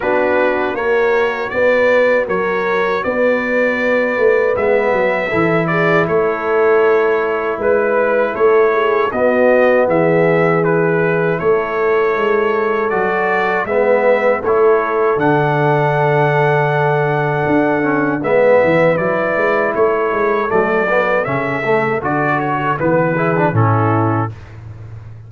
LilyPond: <<
  \new Staff \with { instrumentName = "trumpet" } { \time 4/4 \tempo 4 = 79 b'4 cis''4 d''4 cis''4 | d''2 e''4. d''8 | cis''2 b'4 cis''4 | dis''4 e''4 b'4 cis''4~ |
cis''4 d''4 e''4 cis''4 | fis''1 | e''4 d''4 cis''4 d''4 | e''4 d''8 cis''8 b'4 a'4 | }
  \new Staff \with { instrumentName = "horn" } { \time 4/4 fis'4 ais'4 b'4 ais'4 | b'2. a'8 gis'8 | a'2 b'4 a'8 gis'8 | fis'4 gis'2 a'4~ |
a'2 b'4 a'4~ | a'1 | b'2 a'2~ | a'2~ a'8 gis'8 e'4 | }
  \new Staff \with { instrumentName = "trombone" } { \time 4/4 d'4 fis'2.~ | fis'2 b4 e'4~ | e'1 | b2 e'2~ |
e'4 fis'4 b4 e'4 | d'2.~ d'8 cis'8 | b4 e'2 a8 b8 | cis'8 a8 fis'4 b8 e'16 d'16 cis'4 | }
  \new Staff \with { instrumentName = "tuba" } { \time 4/4 b4 ais4 b4 fis4 | b4. a8 gis8 fis8 e4 | a2 gis4 a4 | b4 e2 a4 |
gis4 fis4 gis4 a4 | d2. d'4 | gis8 e8 fis8 gis8 a8 gis8 fis4 | cis4 d4 e4 a,4 | }
>>